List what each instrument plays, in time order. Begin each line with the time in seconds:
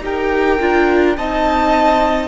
0.00 cello D#4, viola G4, violin A#4 G5
0.59 cello D4, viola F4
1.17 cello C4, viola D#4, violin D#5 A5